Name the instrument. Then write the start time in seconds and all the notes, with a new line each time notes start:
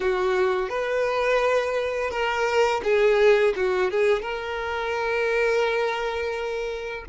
violin
0.00 F#4
0.69 B4
2.10 A#4
2.83 G#4
3.56 F#4
3.90 G#4
4.22 A#4